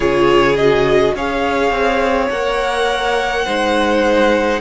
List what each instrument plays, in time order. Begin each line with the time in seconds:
0.00 cello C#3, viola F4, violin G#4 C#5
0.56 viola F#4, violin D#5
1.15 cello C#4, viola G#4, violin C#5 F5
1.71 cello C4
2.29 cello A#3, viola A#4, violin F#5
3.45 cello G#3, viola D#4, violin C5